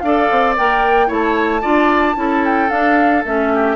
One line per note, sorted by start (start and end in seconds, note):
0.00 0.29 D4
0.00 0.57 A4
0.00 1.08 D5
0.00 0.54 F5
0.31 0.58 C4
0.57 1.10 A#3
0.57 1.07 A#4
0.57 1.11 G5
1.07 1.64 A3
1.07 1.61 E4
1.07 1.61 C#5
1.07 2.45 A5
1.62 2.17 D4
1.62 2.15 F4
1.62 2.15 D5
2.15 2.70 C#4
2.15 2.69 E4
2.15 3.53 A4
2.45 2.70 G5
2.70 3.24 D4
2.70 3.23 F5
3.25 3.76 A3
3.25 3.76 C#4
3.25 3.76 E5
3.54 3.76 G4